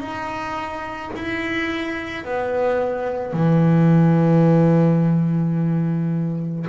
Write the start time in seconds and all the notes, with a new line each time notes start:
0.00 D#4
1.16 E4
2.25 B3
3.33 E3